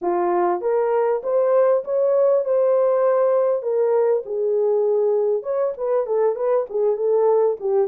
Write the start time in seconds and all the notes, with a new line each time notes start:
0.01 F4
0.61 A#4
1.23 C5
1.84 C#5
2.44 C5
3.62 A#4
4.25 G#4
5.42 C#5
5.77 B4
6.06 A4
6.35 B4
6.69 G#4
6.96 A4
7.60 G4